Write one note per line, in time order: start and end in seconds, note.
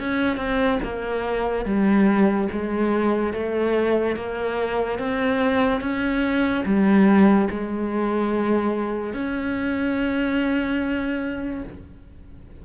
0.00 0.37 C#4
0.37 0.79 C4
0.83 1.65 A#3
1.65 2.48 G3
2.52 3.33 G#3
3.33 4.16 A3
4.16 4.99 A#3
4.99 5.81 C4
5.81 6.64 C#4
6.65 7.48 G3
7.50 9.14 G#3
9.14 11.64 C#4